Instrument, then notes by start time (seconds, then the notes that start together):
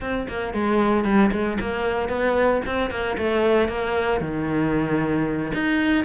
cello
0.00 C4
0.28 A#3
0.53 G#3
1.04 G3
1.31 G#3
1.60 A#3
2.08 B3
2.66 C4
2.90 A#3
3.17 A3
3.68 A#3
4.21 D#3
5.53 D#4